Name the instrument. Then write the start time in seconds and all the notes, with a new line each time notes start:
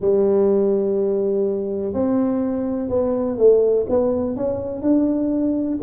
tuba
0.00 G3
1.93 C4
2.89 B3
3.37 A3
3.89 B3
4.36 C#4
4.82 D4